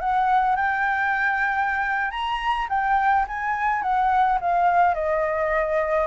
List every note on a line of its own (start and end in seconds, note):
0.00 0.56 F#5
0.56 2.11 G5
2.11 2.68 A#5
2.69 3.26 G5
3.28 3.82 G#5
3.82 4.39 F#5
4.41 4.95 F5
4.95 6.07 D#5